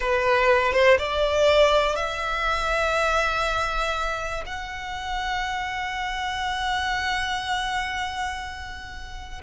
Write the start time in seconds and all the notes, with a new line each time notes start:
0.00 B4
0.72 C5
0.98 D5
1.95 E5
4.45 F#5